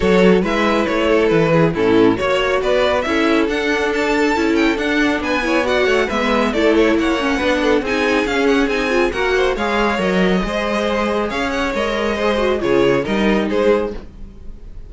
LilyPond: <<
  \new Staff \with { instrumentName = "violin" } { \time 4/4 \tempo 4 = 138 cis''4 e''4 cis''4 b'4 | a'4 cis''4 d''4 e''4 | fis''4 a''4. g''8 fis''4 | gis''4 fis''4 e''4 d''8 cis''8 |
fis''2 gis''4 f''8 fis''8 | gis''4 fis''4 f''4 dis''4~ | dis''2 f''8 fis''8 dis''4~ | dis''4 cis''4 dis''4 c''4 | }
  \new Staff \with { instrumentName = "violin" } { \time 4/4 a'4 b'4. a'4 gis'8 | e'4 cis''4 b'4 a'4~ | a'1 | b'8 cis''8 d''8 cis''8 b'4 a'4 |
cis''4 b'8 a'8 gis'2~ | gis'4 ais'8 c''8 cis''2 | c''2 cis''2 | c''4 gis'4 ais'4 gis'4 | }
  \new Staff \with { instrumentName = "viola" } { \time 4/4 fis'4 e'2. | cis'4 fis'2 e'4 | d'2 e'4 d'4~ | d'8 e'8 fis'4 b4 e'4~ |
e'8 cis'8 d'4 dis'4 cis'4 | dis'8 f'8 fis'4 gis'4 ais'4 | gis'2. ais'4 | gis'8 fis'8 f'4 dis'2 | }
  \new Staff \with { instrumentName = "cello" } { \time 4/4 fis4 gis4 a4 e4 | a,4 ais4 b4 cis'4 | d'2 cis'4 d'4 | b4. a8 gis4 a4 |
ais4 b4 c'4 cis'4 | c'4 ais4 gis4 fis4 | gis2 cis'4 gis4~ | gis4 cis4 g4 gis4 | }
>>